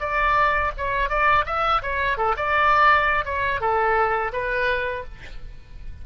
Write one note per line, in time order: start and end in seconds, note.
0.00 0.71 D5
0.77 1.09 C#5
1.09 1.45 D5
1.46 1.82 E5
1.82 2.18 C#5
2.18 2.35 A4
2.37 3.25 D5
3.25 3.60 C#5
3.60 4.32 A4
4.33 5.04 B4